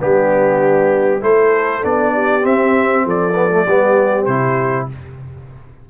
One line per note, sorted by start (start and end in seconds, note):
0.00 1.22 G3
0.00 1.21 B3
0.00 1.22 D4
0.00 1.23 G4
1.21 1.84 A3
1.21 1.82 E4
1.21 2.13 A4
1.21 1.84 C5
1.82 2.45 B3
1.82 2.41 D4
1.82 2.46 D5
2.13 3.04 G4
2.41 3.33 C4
2.41 3.05 C4
2.41 3.07 E5
3.04 3.67 F3
3.04 3.65 A4
3.04 4.25 D5
3.34 3.50 B3
3.51 3.66 A3
3.65 4.27 G3
3.65 4.28 B3
3.65 4.88 G4
4.25 4.89 C3
4.25 4.90 E4
4.25 4.86 C5